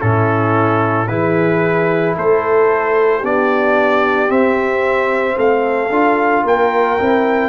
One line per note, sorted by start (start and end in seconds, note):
0.00 1.09 A2
0.00 1.07 C#4
0.00 1.08 E4
0.00 1.08 A4
1.08 2.16 E3
1.08 3.22 E4
1.08 2.17 G#4
1.08 2.15 B4
2.17 3.23 A3
2.17 3.19 A4
2.17 3.25 C5
3.19 4.29 B3
3.19 4.28 D4
3.19 5.34 G4
3.19 4.31 D5
4.28 5.89 C4
4.28 5.36 C4
4.28 5.38 E5
5.36 5.90 A3
5.36 6.43 A4
5.36 6.46 F5
5.90 6.43 D4
5.90 6.99 F4
6.44 6.98 A#3
6.44 7.49 A#4
6.44 7.49 G5
7.00 7.49 C4
7.00 7.49 E4